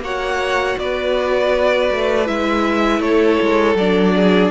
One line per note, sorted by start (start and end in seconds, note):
0.00 0.75 A#3
0.00 2.25 F#4
0.00 0.79 C#5
0.00 0.79 F#5
0.78 1.90 B3
0.78 3.02 B4
0.78 2.27 D5
1.91 2.28 A3
2.25 3.00 G#3
2.25 3.75 E4
2.25 3.02 E5
3.00 3.37 A3
3.00 4.15 A4
3.00 3.77 C#5
3.42 3.75 G#3
3.75 4.50 F#3
3.75 4.51 D4
3.75 4.51 D5
4.15 4.51 G#4